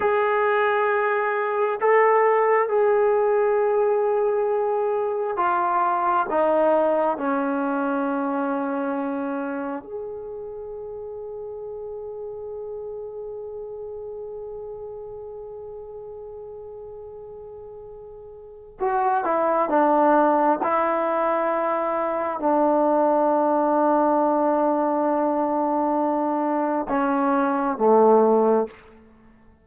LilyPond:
\new Staff \with { instrumentName = "trombone" } { \time 4/4 \tempo 4 = 67 gis'2 a'4 gis'4~ | gis'2 f'4 dis'4 | cis'2. gis'4~ | gis'1~ |
gis'1~ | gis'4 fis'8 e'8 d'4 e'4~ | e'4 d'2.~ | d'2 cis'4 a4 | }